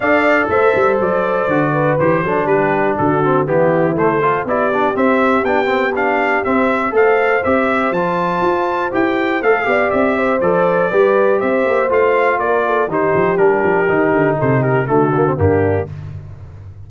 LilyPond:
<<
  \new Staff \with { instrumentName = "trumpet" } { \time 4/4 \tempo 4 = 121 f''4 e''4 d''2 | c''4 b'4 a'4 g'4 | c''4 d''4 e''4 g''4 | f''4 e''4 f''4 e''4 |
a''2 g''4 f''4 | e''4 d''2 e''4 | f''4 d''4 c''4 ais'4~ | ais'4 c''8 ais'8 a'4 g'4 | }
  \new Staff \with { instrumentName = "horn" } { \time 4/4 d''4 c''2~ c''8 b'8~ | b'8 a'8 g'4 fis'4 e'4~ | e'8 a'8 g'2.~ | g'2 c''2~ |
c''2.~ c''8 d''8~ | d''8 c''4. b'4 c''4~ | c''4 ais'8 a'8 g'2~ | g'4 a'8 g'8 fis'4 d'4 | }
  \new Staff \with { instrumentName = "trombone" } { \time 4/4 a'2. fis'4 | g'8 d'2 c'8 b4 | a8 f'8 e'8 d'8 c'4 d'8 c'8 | d'4 c'4 a'4 g'4 |
f'2 g'4 a'8 g'8~ | g'4 a'4 g'2 | f'2 dis'4 d'4 | dis'2 a8 ais16 c'16 ais4 | }
  \new Staff \with { instrumentName = "tuba" } { \time 4/4 d'4 a8 g8 fis4 d4 | e8 fis8 g4 d4 e4 | a4 b4 c'4 b4~ | b4 c'4 a4 c'4 |
f4 f'4 e'4 a8 b8 | c'4 f4 g4 c'8 ais8 | a4 ais4 dis8 f8 g8 f8 | dis8 d8 c4 d4 g,4 | }
>>